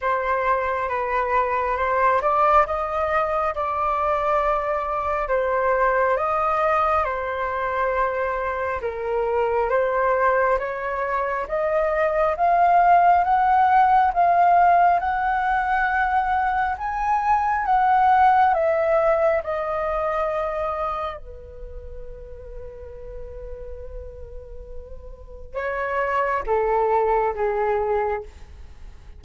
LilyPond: \new Staff \with { instrumentName = "flute" } { \time 4/4 \tempo 4 = 68 c''4 b'4 c''8 d''8 dis''4 | d''2 c''4 dis''4 | c''2 ais'4 c''4 | cis''4 dis''4 f''4 fis''4 |
f''4 fis''2 gis''4 | fis''4 e''4 dis''2 | b'1~ | b'4 cis''4 a'4 gis'4 | }